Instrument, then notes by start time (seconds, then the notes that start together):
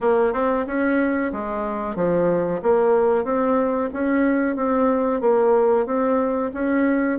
bassoon
0.00 A#3
0.33 C4
0.67 C#4
1.32 G#3
1.95 F3
2.62 A#3
3.24 C4
3.93 C#4
4.56 C4
5.20 A#3
5.86 C4
6.53 C#4